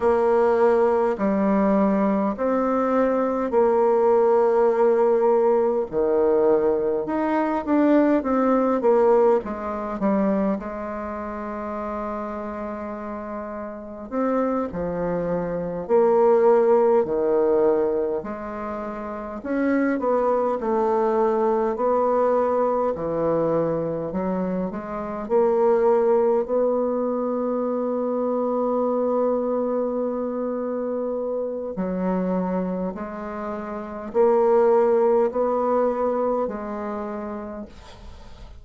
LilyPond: \new Staff \with { instrumentName = "bassoon" } { \time 4/4 \tempo 4 = 51 ais4 g4 c'4 ais4~ | ais4 dis4 dis'8 d'8 c'8 ais8 | gis8 g8 gis2. | c'8 f4 ais4 dis4 gis8~ |
gis8 cis'8 b8 a4 b4 e8~ | e8 fis8 gis8 ais4 b4.~ | b2. fis4 | gis4 ais4 b4 gis4 | }